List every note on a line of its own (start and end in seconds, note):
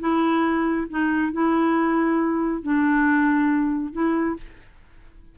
0.00 0.88 E4
0.90 1.33 D#4
1.33 2.63 E4
2.63 3.93 D4
3.93 4.37 E4